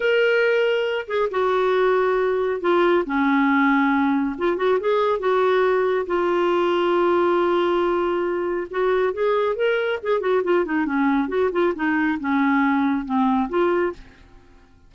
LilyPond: \new Staff \with { instrumentName = "clarinet" } { \time 4/4 \tempo 4 = 138 ais'2~ ais'8 gis'8 fis'4~ | fis'2 f'4 cis'4~ | cis'2 f'8 fis'8 gis'4 | fis'2 f'2~ |
f'1 | fis'4 gis'4 ais'4 gis'8 fis'8 | f'8 dis'8 cis'4 fis'8 f'8 dis'4 | cis'2 c'4 f'4 | }